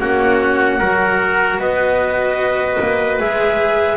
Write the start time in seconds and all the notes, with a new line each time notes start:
0.00 A#3 C#4 F#4 F#5
0.79 F#3 F#4 A#4
1.58 B3 B4 D#5
2.81 A#3
3.20 G#3 G#4 E5